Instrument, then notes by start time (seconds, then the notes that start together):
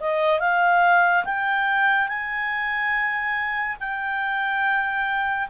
clarinet
0.00 D#5
0.40 F5
1.25 G5
2.08 G#5
3.80 G5